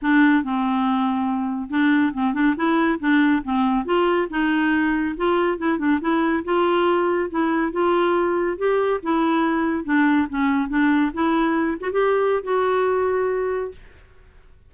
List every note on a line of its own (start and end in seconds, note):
0.01 0.43 D4
0.43 1.70 C4
1.70 2.13 D4
2.13 2.34 C4
2.34 2.55 D4
2.56 2.99 E4
2.99 3.42 D4
3.44 3.85 C4
3.85 4.28 F4
4.30 5.15 D#4
5.16 5.58 F4
5.58 5.78 E4
5.78 5.99 D4
6.00 6.43 E4
6.44 7.30 F4
7.30 7.72 E4
7.72 8.57 F4
8.57 9.00 G4
9.03 9.84 E4
9.84 10.27 D4
10.29 10.69 C#4
10.69 11.11 D4
11.13 11.78 E4
11.80 11.90 F#4
11.91 12.43 G4
12.43 13.71 F#4